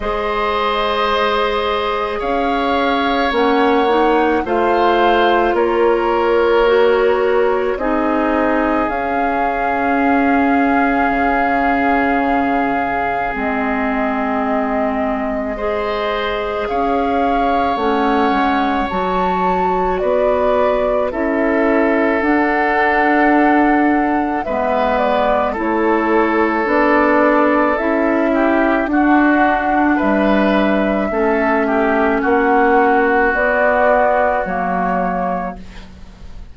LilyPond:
<<
  \new Staff \with { instrumentName = "flute" } { \time 4/4 \tempo 4 = 54 dis''2 f''4 fis''4 | f''4 cis''2 dis''4 | f''1 | dis''2. f''4 |
fis''4 a''4 d''4 e''4 | fis''2 e''8 d''8 cis''4 | d''4 e''4 fis''4 e''4~ | e''4 fis''4 d''4 cis''4 | }
  \new Staff \with { instrumentName = "oboe" } { \time 4/4 c''2 cis''2 | c''4 ais'2 gis'4~ | gis'1~ | gis'2 c''4 cis''4~ |
cis''2 b'4 a'4~ | a'2 b'4 a'4~ | a'4. g'8 fis'4 b'4 | a'8 g'8 fis'2. | }
  \new Staff \with { instrumentName = "clarinet" } { \time 4/4 gis'2. cis'8 dis'8 | f'2 fis'4 dis'4 | cis'1 | c'2 gis'2 |
cis'4 fis'2 e'4 | d'2 b4 e'4 | d'4 e'4 d'2 | cis'2 b4 ais4 | }
  \new Staff \with { instrumentName = "bassoon" } { \time 4/4 gis2 cis'4 ais4 | a4 ais2 c'4 | cis'2 cis2 | gis2. cis'4 |
a8 gis8 fis4 b4 cis'4 | d'2 gis4 a4 | b4 cis'4 d'4 g4 | a4 ais4 b4 fis4 | }
>>